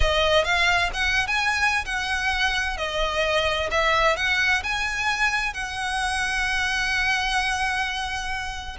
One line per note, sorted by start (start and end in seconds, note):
0.00 0.44 D#5
0.44 0.90 F5
0.93 1.27 F#5
1.27 1.84 G#5
1.85 2.77 F#5
2.77 3.69 D#5
3.70 4.16 E5
4.16 4.62 F#5
4.63 5.53 G#5
5.53 8.76 F#5